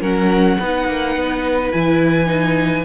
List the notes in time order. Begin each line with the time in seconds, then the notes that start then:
0.00 F#3 C#4 A#4 F#5
0.59 B3 D#4 B4
0.87 A#3
1.15 B3
1.71 E3 E4 G#5
2.26 D#4